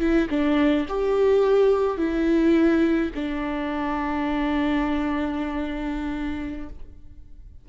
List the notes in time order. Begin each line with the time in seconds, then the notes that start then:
0.00 E4
0.30 D4
0.89 G4
1.98 E4
3.15 D4